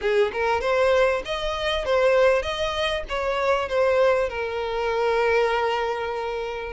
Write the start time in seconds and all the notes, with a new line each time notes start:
0.01 G#4
0.32 A#4
0.61 C5
1.25 D#5
1.85 C5
2.42 D#5
3.08 C#5
3.68 C5
4.29 A#4